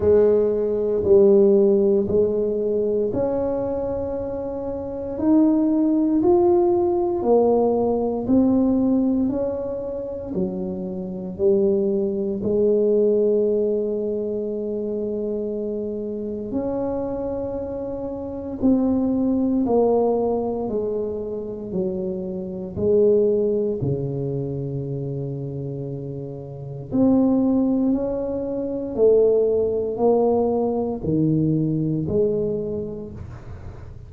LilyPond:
\new Staff \with { instrumentName = "tuba" } { \time 4/4 \tempo 4 = 58 gis4 g4 gis4 cis'4~ | cis'4 dis'4 f'4 ais4 | c'4 cis'4 fis4 g4 | gis1 |
cis'2 c'4 ais4 | gis4 fis4 gis4 cis4~ | cis2 c'4 cis'4 | a4 ais4 dis4 gis4 | }